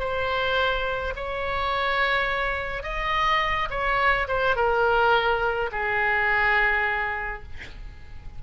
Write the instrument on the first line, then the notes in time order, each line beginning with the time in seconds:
oboe
0.00 C5
1.16 C#5
2.83 D#5
3.71 C#5
4.28 C5
4.56 A#4
5.72 G#4